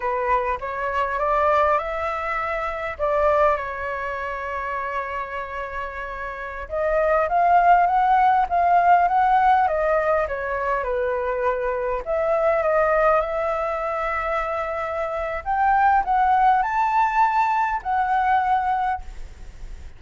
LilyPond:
\new Staff \with { instrumentName = "flute" } { \time 4/4 \tempo 4 = 101 b'4 cis''4 d''4 e''4~ | e''4 d''4 cis''2~ | cis''2.~ cis''16 dis''8.~ | dis''16 f''4 fis''4 f''4 fis''8.~ |
fis''16 dis''4 cis''4 b'4.~ b'16~ | b'16 e''4 dis''4 e''4.~ e''16~ | e''2 g''4 fis''4 | a''2 fis''2 | }